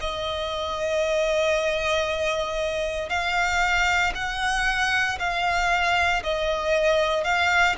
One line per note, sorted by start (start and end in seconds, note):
0.00 3.09 D#5
3.09 4.12 F5
4.15 5.18 F#5
5.19 6.22 F5
6.23 7.24 D#5
7.24 7.75 F5